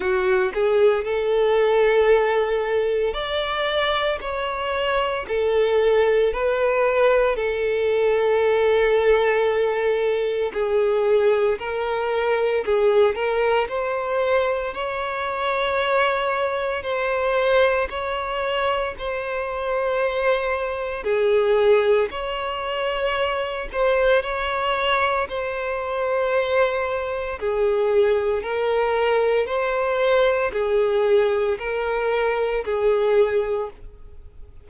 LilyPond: \new Staff \with { instrumentName = "violin" } { \time 4/4 \tempo 4 = 57 fis'8 gis'8 a'2 d''4 | cis''4 a'4 b'4 a'4~ | a'2 gis'4 ais'4 | gis'8 ais'8 c''4 cis''2 |
c''4 cis''4 c''2 | gis'4 cis''4. c''8 cis''4 | c''2 gis'4 ais'4 | c''4 gis'4 ais'4 gis'4 | }